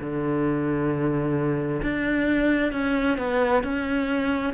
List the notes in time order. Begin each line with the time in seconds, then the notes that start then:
0.00 D3
1.82 D4
2.72 C#4
3.18 B3
3.63 C#4